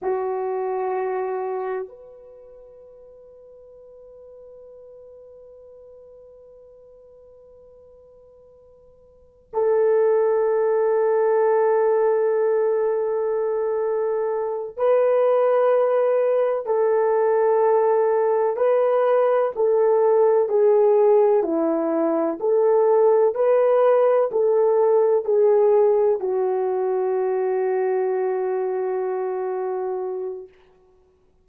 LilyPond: \new Staff \with { instrumentName = "horn" } { \time 4/4 \tempo 4 = 63 fis'2 b'2~ | b'1~ | b'2 a'2~ | a'2.~ a'8 b'8~ |
b'4. a'2 b'8~ | b'8 a'4 gis'4 e'4 a'8~ | a'8 b'4 a'4 gis'4 fis'8~ | fis'1 | }